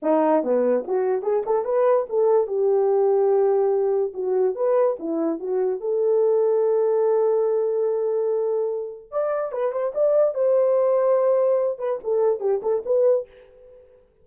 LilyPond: \new Staff \with { instrumentName = "horn" } { \time 4/4 \tempo 4 = 145 dis'4 b4 fis'4 gis'8 a'8 | b'4 a'4 g'2~ | g'2 fis'4 b'4 | e'4 fis'4 a'2~ |
a'1~ | a'2 d''4 b'8 c''8 | d''4 c''2.~ | c''8 b'8 a'4 g'8 a'8 b'4 | }